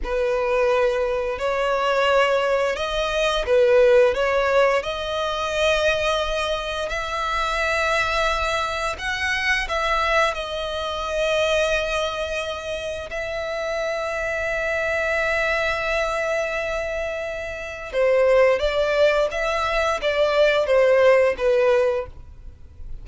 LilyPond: \new Staff \with { instrumentName = "violin" } { \time 4/4 \tempo 4 = 87 b'2 cis''2 | dis''4 b'4 cis''4 dis''4~ | dis''2 e''2~ | e''4 fis''4 e''4 dis''4~ |
dis''2. e''4~ | e''1~ | e''2 c''4 d''4 | e''4 d''4 c''4 b'4 | }